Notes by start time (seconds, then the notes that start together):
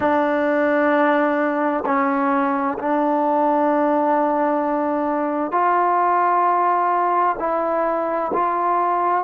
0.00 D4
1.85 C#4
2.78 D4
5.51 F4
7.39 E4
8.33 F4